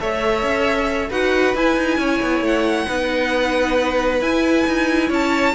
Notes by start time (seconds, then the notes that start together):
0.00 A3 A4 C#5 E5
0.43 C#4
1.09 D#4 F#4 B4 F#5
1.55 E4 G#5
1.77 D#4
1.98 C#4 C#5
2.22 B3
2.41 A3 F#5
2.87 B3 D#4 B4
4.21 E4 G#5
4.67 D#4
5.08 C#4 C#5 A5